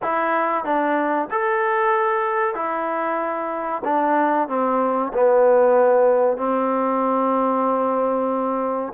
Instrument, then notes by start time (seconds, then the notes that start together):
trombone
0.02 E4
0.64 D4
1.30 A4
2.54 E4
3.84 D4
4.48 C4
5.13 B3
6.37 C4